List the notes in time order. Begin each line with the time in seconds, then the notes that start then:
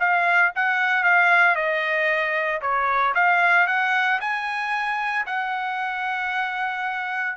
0.00 F5
0.56 F#5
1.04 F5
1.56 D#5
2.61 C#5
3.15 F5
3.67 F#5
4.21 G#5
5.26 F#5